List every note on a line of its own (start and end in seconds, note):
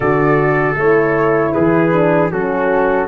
0.00 0.74 D3
0.00 0.78 F#4
0.00 1.52 A4
0.00 0.75 D5
0.75 1.52 A3
0.75 1.92 E4
0.75 1.52 C#5
1.52 2.31 E3
1.52 2.31 G#4
1.52 2.29 B4
1.92 2.30 D4
2.31 3.07 F#3
2.31 3.07 C#4
2.31 3.07 F#4
2.31 3.07 A4